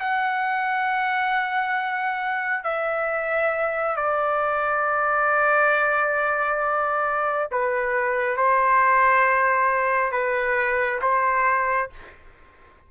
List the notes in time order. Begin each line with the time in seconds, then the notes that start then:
0.00 F#5
2.64 E5
3.96 D5
7.52 B4
8.37 C5
10.12 B4
11.02 C5